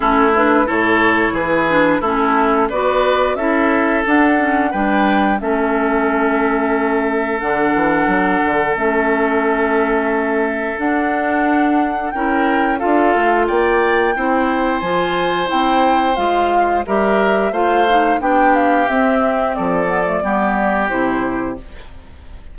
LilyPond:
<<
  \new Staff \with { instrumentName = "flute" } { \time 4/4 \tempo 4 = 89 a'8 b'8 cis''4 b'4 a'4 | d''4 e''4 fis''4 g''4 | e''2. fis''4~ | fis''4 e''2. |
fis''2 g''4 f''4 | g''2 gis''4 g''4 | f''4 e''4 f''4 g''8 f''8 | e''4 d''2 c''4 | }
  \new Staff \with { instrumentName = "oboe" } { \time 4/4 e'4 a'4 gis'4 e'4 | b'4 a'2 b'4 | a'1~ | a'1~ |
a'2 ais'4 a'4 | d''4 c''2.~ | c''4 ais'4 c''4 g'4~ | g'4 a'4 g'2 | }
  \new Staff \with { instrumentName = "clarinet" } { \time 4/4 cis'8 d'8 e'4. d'8 cis'4 | fis'4 e'4 d'8 cis'8 d'4 | cis'2. d'4~ | d'4 cis'2. |
d'2 e'4 f'4~ | f'4 e'4 f'4 e'4 | f'4 g'4 f'8 dis'8 d'4 | c'4. b16 a16 b4 e'4 | }
  \new Staff \with { instrumentName = "bassoon" } { \time 4/4 a4 a,4 e4 a4 | b4 cis'4 d'4 g4 | a2. d8 e8 | fis8 d8 a2. |
d'2 cis'4 d'8 a8 | ais4 c'4 f4 c'4 | gis4 g4 a4 b4 | c'4 f4 g4 c4 | }
>>